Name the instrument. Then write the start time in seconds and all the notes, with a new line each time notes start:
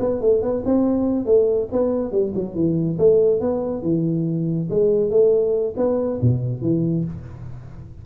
tuba
0.00 B3
0.21 A3
0.42 B3
0.66 C4
1.26 A3
1.73 B3
2.12 G3
2.35 F#3
2.55 E3
2.99 A3
3.41 B3
3.83 E3
4.70 G#3
5.11 A3
5.78 B3
6.22 B2
6.62 E3